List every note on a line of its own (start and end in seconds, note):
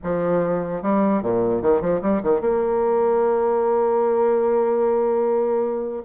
0.03 0.82 F3
0.82 1.22 G3
1.22 1.61 A#2
1.61 1.81 D#3
1.81 2.01 F3
2.01 2.21 G3
2.22 2.40 D#3
2.40 6.03 A#3